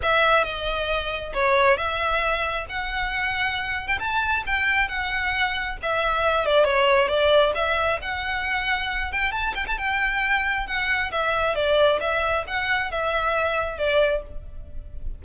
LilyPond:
\new Staff \with { instrumentName = "violin" } { \time 4/4 \tempo 4 = 135 e''4 dis''2 cis''4 | e''2 fis''2~ | fis''8. g''16 a''4 g''4 fis''4~ | fis''4 e''4. d''8 cis''4 |
d''4 e''4 fis''2~ | fis''8 g''8 a''8 g''16 a''16 g''2 | fis''4 e''4 d''4 e''4 | fis''4 e''2 d''4 | }